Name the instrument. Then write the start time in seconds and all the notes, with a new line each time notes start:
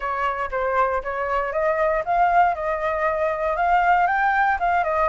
flute
0.00 C#5
0.51 C5
1.03 C#5
1.52 D#5
2.05 F5
2.54 D#5
3.56 F5
4.07 G5
4.59 F5
4.84 D#5